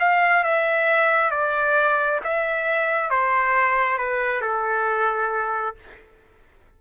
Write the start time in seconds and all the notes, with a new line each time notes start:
0.00 F5
0.44 E5
1.31 D5
2.24 E5
3.10 C5
3.99 B4
4.42 A4